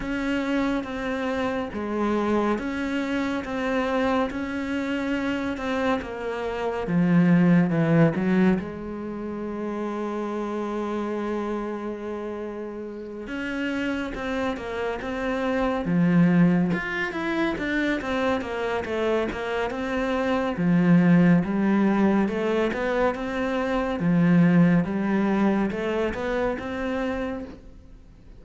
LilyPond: \new Staff \with { instrumentName = "cello" } { \time 4/4 \tempo 4 = 70 cis'4 c'4 gis4 cis'4 | c'4 cis'4. c'8 ais4 | f4 e8 fis8 gis2~ | gis2.~ gis8 cis'8~ |
cis'8 c'8 ais8 c'4 f4 f'8 | e'8 d'8 c'8 ais8 a8 ais8 c'4 | f4 g4 a8 b8 c'4 | f4 g4 a8 b8 c'4 | }